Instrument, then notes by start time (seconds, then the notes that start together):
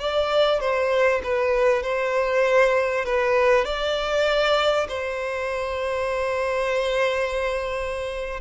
violin
0.00 D5
0.61 C5
1.24 B4
1.83 C5
3.06 B4
3.65 D5
4.89 C5